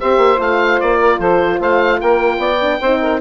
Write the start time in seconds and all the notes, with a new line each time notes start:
0.00 C4 G4 C5 E5
0.18 A#3
0.37 A3 F4 F5
0.81 A#3 D5
0.99 A#4
1.19 F3 A4 C5
1.60 A3 C5 F5
2.01 A#3 A#4 G5
2.38 B3 D5
2.61 D4
2.81 C4 D#4 C5
3.02 A#4